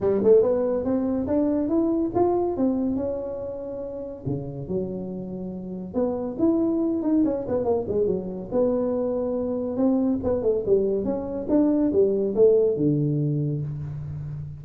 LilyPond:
\new Staff \with { instrumentName = "tuba" } { \time 4/4 \tempo 4 = 141 g8 a8 b4 c'4 d'4 | e'4 f'4 c'4 cis'4~ | cis'2 cis4 fis4~ | fis2 b4 e'4~ |
e'8 dis'8 cis'8 b8 ais8 gis8 fis4 | b2. c'4 | b8 a8 g4 cis'4 d'4 | g4 a4 d2 | }